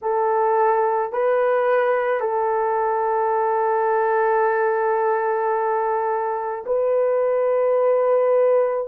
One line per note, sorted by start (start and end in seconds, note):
0.01 1.12 A4
1.12 2.20 B4
2.20 6.64 A4
6.66 8.87 B4